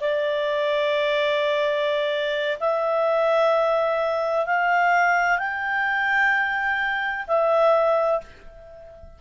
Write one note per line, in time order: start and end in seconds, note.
0.00 2.58 D5
2.60 4.46 E5
4.46 5.39 F5
5.39 7.26 G5
7.27 8.21 E5